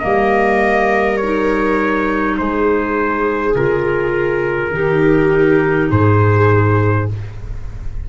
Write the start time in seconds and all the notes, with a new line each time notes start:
0.00 G3 A#3 A#4 D#5
1.18 D#4 C#5
2.38 G#3 G#4 C5
3.55 C#3 F4 A#4
4.70 D#3 D#4 G4
5.91 G#2 G#4 C5